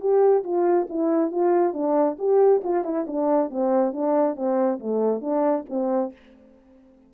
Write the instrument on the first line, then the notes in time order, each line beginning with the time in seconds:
horn
0.00 G4
0.44 F4
0.89 E4
1.31 F4
1.74 D4
2.18 G4
2.64 F4
2.84 E4
3.07 D4
3.50 C4
3.92 D4
4.36 C4
4.79 A3
5.21 D4
5.69 C4